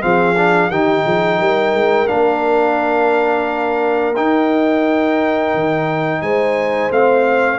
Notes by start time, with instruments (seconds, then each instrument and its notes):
0.00 tuba F3, trombone C4, horn G#4, trumpet F5
0.36 trombone D4
0.70 tuba D#3, trombone D#4, horn G4, trumpet G5
1.04 tuba F3, horn G#4
1.38 tuba G3, horn A#4
1.73 tuba G#3
2.07 tuba A#3, trombone D4, trumpet F5
4.15 tuba D#4, trombone D#4, trumpet G5
5.54 tuba D#3
6.21 tuba G#3, horn C5, trumpet G#5
6.90 tuba A3, trombone C4, trumpet F5